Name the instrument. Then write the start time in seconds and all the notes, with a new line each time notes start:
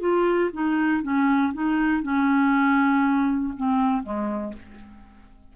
clarinet
0.00 F4
0.53 D#4
1.03 C#4
1.54 D#4
2.03 C#4
3.57 C4
4.03 G#3